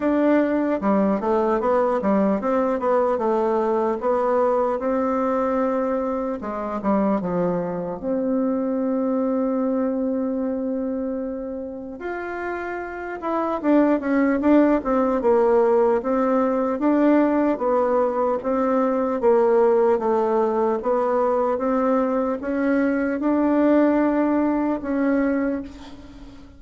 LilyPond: \new Staff \with { instrumentName = "bassoon" } { \time 4/4 \tempo 4 = 75 d'4 g8 a8 b8 g8 c'8 b8 | a4 b4 c'2 | gis8 g8 f4 c'2~ | c'2. f'4~ |
f'8 e'8 d'8 cis'8 d'8 c'8 ais4 | c'4 d'4 b4 c'4 | ais4 a4 b4 c'4 | cis'4 d'2 cis'4 | }